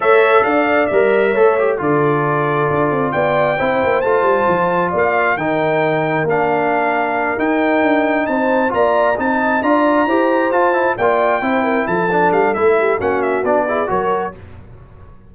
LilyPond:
<<
  \new Staff \with { instrumentName = "trumpet" } { \time 4/4 \tempo 4 = 134 e''4 f''4 e''2 | d''2. g''4~ | g''4 a''2 f''4 | g''2 f''2~ |
f''8 g''2 a''4 ais''8~ | ais''8 a''4 ais''2 a''8~ | a''8 g''2 a''4 f''8 | e''4 fis''8 e''8 d''4 cis''4 | }
  \new Staff \with { instrumentName = "horn" } { \time 4/4 cis''4 d''2 cis''4 | a'2. d''4 | c''2. d''4 | ais'1~ |
ais'2~ ais'8 c''4 d''8~ | d''8 dis''4 d''4 c''4.~ | c''8 d''4 c''8 ais'8 a'4.~ | a'8 g'8 fis'4. gis'8 ais'4 | }
  \new Staff \with { instrumentName = "trombone" } { \time 4/4 a'2 ais'4 a'8 g'8 | f'1 | e'4 f'2. | dis'2 d'2~ |
d'8 dis'2. f'8~ | f'8 dis'4 f'4 g'4 f'8 | e'8 f'4 e'4. d'4 | e'4 cis'4 d'8 e'8 fis'4 | }
  \new Staff \with { instrumentName = "tuba" } { \time 4/4 a4 d'4 g4 a4 | d2 d'8 c'8 b4 | c'8 ais8 a8 g8 f4 ais4 | dis2 ais2~ |
ais8 dis'4 d'4 c'4 ais8~ | ais8 c'4 d'4 e'4 f'8~ | f'8 ais4 c'4 f4 g8 | a4 ais4 b4 fis4 | }
>>